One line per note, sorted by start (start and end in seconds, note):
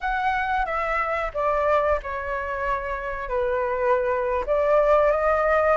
0.00 0.65 F#5
0.65 1.31 E5
1.34 1.99 D5
2.02 3.28 C#5
3.28 4.44 B4
4.46 5.11 D5
5.11 5.77 D#5